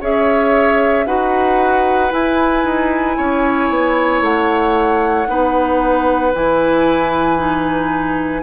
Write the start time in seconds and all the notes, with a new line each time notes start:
0.00 C#4 G#4 C#5 E5
1.06 D#4 F#4 B4 F#5
2.10 E4 G#5
2.64 D#4
3.17 C#4 C#5
3.70 B3
4.21 A3 F#5
5.27 B3 D#4 B4
6.34 E3 E4 G#5
7.37 D#4